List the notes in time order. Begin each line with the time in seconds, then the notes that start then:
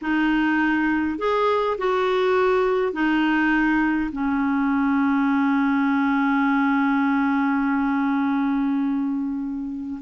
0.01 D#4
1.18 G#4
1.78 F#4
2.93 D#4
4.12 C#4